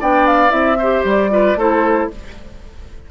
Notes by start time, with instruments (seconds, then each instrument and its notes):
0.00 bassoon B3, clarinet D4, oboe D5, flute G5
0.27 flute F5
0.49 bassoon C4, clarinet E4, flute E5
0.78 clarinet G4, oboe C5
1.04 bassoon G3, flute D5
1.30 clarinet F4, oboe B4
1.55 bassoon A3, clarinet E4, oboe A4, flute C5